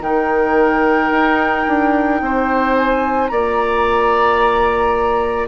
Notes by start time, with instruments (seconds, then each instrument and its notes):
0.00 bassoon D#3, clarinet D#4, oboe A#4, flute G5
1.10 bassoon D#4
1.67 bassoon D4
2.21 bassoon C4, oboe C5
2.77 flute G#5
3.27 bassoon A#3, clarinet F4, oboe D5, flute A#5